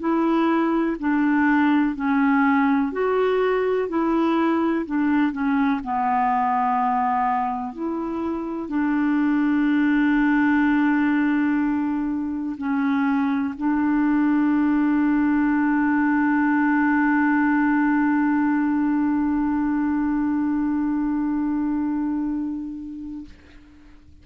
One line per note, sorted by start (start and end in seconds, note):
0.00 0.97 E4
1.00 1.96 D4
1.96 2.92 C#4
2.92 3.89 F#4
3.89 4.86 E4
4.86 5.32 D4
5.32 5.81 C#4
5.84 7.73 B3
7.73 8.69 E4
8.69 12.56 D4
12.58 13.54 C#4
13.57 23.25 D4